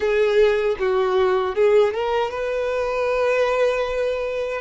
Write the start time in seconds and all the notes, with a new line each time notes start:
0.00 G#4
0.79 F#4
1.55 G#4
1.93 A#4
2.30 B4